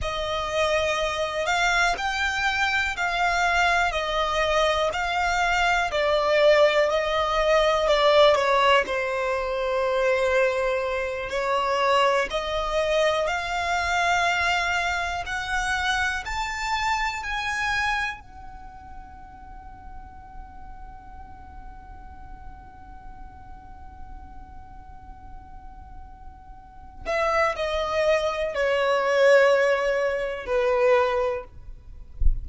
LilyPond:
\new Staff \with { instrumentName = "violin" } { \time 4/4 \tempo 4 = 61 dis''4. f''8 g''4 f''4 | dis''4 f''4 d''4 dis''4 | d''8 cis''8 c''2~ c''8 cis''8~ | cis''8 dis''4 f''2 fis''8~ |
fis''8 a''4 gis''4 fis''4.~ | fis''1~ | fis''2.~ fis''8 e''8 | dis''4 cis''2 b'4 | }